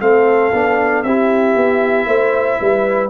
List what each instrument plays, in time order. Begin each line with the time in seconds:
0.00 tuba A3, trombone C4, horn A4, trumpet F5
0.52 tuba B3, trombone D4
1.03 tuba C4, trombone E4, horn G4, trumpet E5
1.55 tuba B3
2.06 tuba A3, horn C5
2.59 tuba G3, horn B4